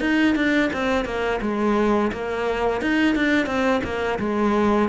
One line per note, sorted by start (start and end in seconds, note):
0.00 0.35 D#4
0.35 0.70 D4
0.73 1.05 C4
1.05 1.40 A#3
1.41 2.11 G#3
2.12 2.81 A#3
2.81 3.15 D#4
3.15 3.46 D4
3.46 3.81 C4
3.84 4.19 A#3
4.19 4.89 G#3